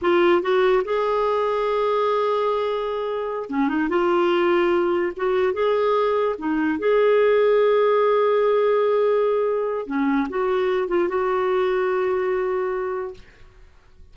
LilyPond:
\new Staff \with { instrumentName = "clarinet" } { \time 4/4 \tempo 4 = 146 f'4 fis'4 gis'2~ | gis'1~ | gis'8 cis'8 dis'8 f'2~ f'8~ | f'8 fis'4 gis'2 dis'8~ |
dis'8 gis'2.~ gis'8~ | gis'1 | cis'4 fis'4. f'8 fis'4~ | fis'1 | }